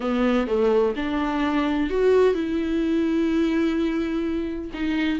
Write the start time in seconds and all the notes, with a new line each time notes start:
0.00 B3
0.47 A3
0.96 D4
1.90 F#4
2.34 E4
4.73 D#4